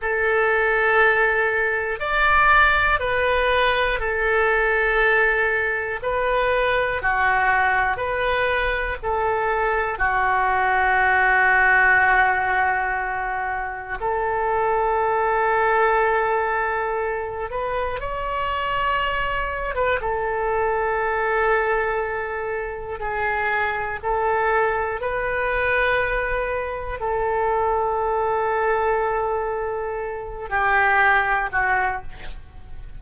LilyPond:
\new Staff \with { instrumentName = "oboe" } { \time 4/4 \tempo 4 = 60 a'2 d''4 b'4 | a'2 b'4 fis'4 | b'4 a'4 fis'2~ | fis'2 a'2~ |
a'4. b'8 cis''4.~ cis''16 b'16 | a'2. gis'4 | a'4 b'2 a'4~ | a'2~ a'8 g'4 fis'8 | }